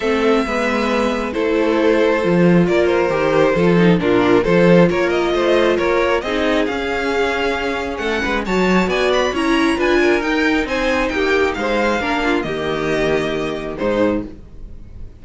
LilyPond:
<<
  \new Staff \with { instrumentName = "violin" } { \time 4/4 \tempo 4 = 135 e''2. c''4~ | c''2 d''8 c''4.~ | c''4 ais'4 c''4 cis''8 dis''8~ | dis''4 cis''4 dis''4 f''4~ |
f''2 fis''4 a''4 | gis''8 b''8 ais''4 gis''4 g''4 | gis''4 g''4 f''2 | dis''2. c''4 | }
  \new Staff \with { instrumentName = "violin" } { \time 4/4 a'4 b'2 a'4~ | a'2 ais'2 | a'4 f'4 a'4 ais'4 | c''4 ais'4 gis'2~ |
gis'2 a'8 b'8 cis''4 | d''4 cis''4 b'8 ais'4. | c''4 g'4 c''4 ais'8 f'8 | g'2. dis'4 | }
  \new Staff \with { instrumentName = "viola" } { \time 4/4 c'4 b2 e'4~ | e'4 f'2 g'4 | f'8 dis'8 d'4 f'2~ | f'2 dis'4 cis'4~ |
cis'2. fis'4~ | fis'4 e'4 f'4 dis'4~ | dis'2. d'4 | ais2. gis4 | }
  \new Staff \with { instrumentName = "cello" } { \time 4/4 a4 gis2 a4~ | a4 f4 ais4 dis4 | f4 ais,4 f4 ais4 | a4 ais4 c'4 cis'4~ |
cis'2 a8 gis8 fis4 | b4 cis'4 d'4 dis'4 | c'4 ais4 gis4 ais4 | dis2. gis,4 | }
>>